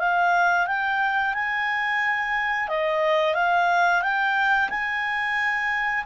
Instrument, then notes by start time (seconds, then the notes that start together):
clarinet
0.00 F5
0.67 G5
1.35 G#5
2.69 D#5
3.35 F5
4.02 G5
4.70 G#5